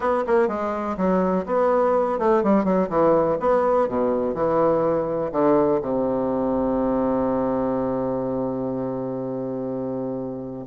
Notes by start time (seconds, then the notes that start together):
0.00 B3
0.26 A#3
0.48 G#3
0.97 F#3
1.46 B3
2.18 A3
2.43 G3
2.64 F#3
2.89 E3
3.40 B3
3.88 B2
4.34 E3
5.32 D3
5.81 C3